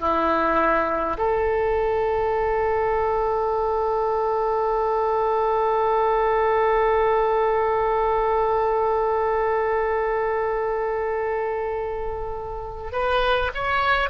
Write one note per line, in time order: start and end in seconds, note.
0.00 1.18 E4
1.18 12.92 A4
12.92 13.51 B4
13.55 14.10 C#5